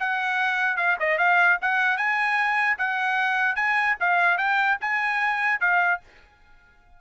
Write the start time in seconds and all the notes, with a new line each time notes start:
0.00 F#5
0.77 F5
1.00 D#5
1.18 F5
1.62 F#5
1.98 G#5
2.79 F#5
3.56 G#5
4.01 F5
4.38 G5
4.81 G#5
5.61 F5